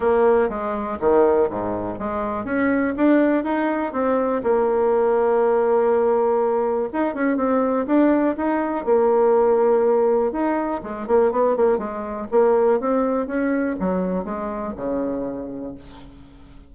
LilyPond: \new Staff \with { instrumentName = "bassoon" } { \time 4/4 \tempo 4 = 122 ais4 gis4 dis4 gis,4 | gis4 cis'4 d'4 dis'4 | c'4 ais2.~ | ais2 dis'8 cis'8 c'4 |
d'4 dis'4 ais2~ | ais4 dis'4 gis8 ais8 b8 ais8 | gis4 ais4 c'4 cis'4 | fis4 gis4 cis2 | }